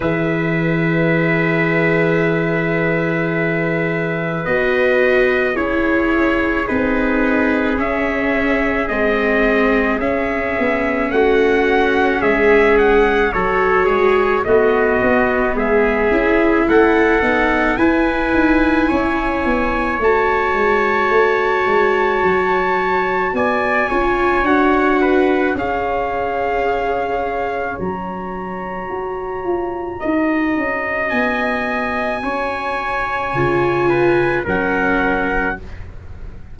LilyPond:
<<
  \new Staff \with { instrumentName = "trumpet" } { \time 4/4 \tempo 4 = 54 e''1 | dis''4 cis''4 b'4 e''4 | dis''4 e''4 fis''4 e''8 fis''8 | cis''4 dis''4 e''4 fis''4 |
gis''2 a''2~ | a''4 gis''4 fis''4 f''4~ | f''4 ais''2. | gis''2. fis''4 | }
  \new Staff \with { instrumentName = "trumpet" } { \time 4/4 b'1~ | b'4 gis'2.~ | gis'2 fis'4 gis'4 | a'8 gis'8 fis'4 gis'4 a'4 |
b'4 cis''2.~ | cis''4 d''8 cis''4 b'8 cis''4~ | cis''2. dis''4~ | dis''4 cis''4. b'8 ais'4 | }
  \new Staff \with { instrumentName = "viola" } { \time 4/4 gis'1 | fis'4 e'4 dis'4 cis'4 | c'4 cis'2. | fis'4 b4. e'4 dis'8 |
e'2 fis'2~ | fis'4. f'8 fis'4 gis'4~ | gis'4 fis'2.~ | fis'2 f'4 cis'4 | }
  \new Staff \with { instrumentName = "tuba" } { \time 4/4 e1 | b4 cis'4 c'4 cis'4 | gis4 cis'8 b8 a4 gis4 | fis8 gis8 a8 b8 gis8 cis'8 a8 b8 |
e'8 dis'8 cis'8 b8 a8 gis8 a8 gis8 | fis4 b8 cis'8 d'4 cis'4~ | cis'4 fis4 fis'8 f'8 dis'8 cis'8 | b4 cis'4 cis4 fis4 | }
>>